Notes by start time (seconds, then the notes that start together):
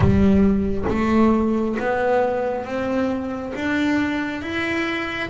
0.00 G3
0.88 A3
1.79 B3
2.65 C4
3.55 D4
4.42 E4